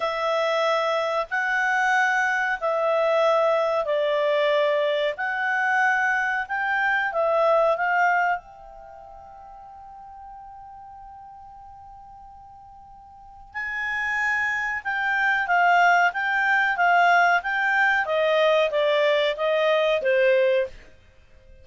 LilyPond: \new Staff \with { instrumentName = "clarinet" } { \time 4/4 \tempo 4 = 93 e''2 fis''2 | e''2 d''2 | fis''2 g''4 e''4 | f''4 g''2.~ |
g''1~ | g''4 gis''2 g''4 | f''4 g''4 f''4 g''4 | dis''4 d''4 dis''4 c''4 | }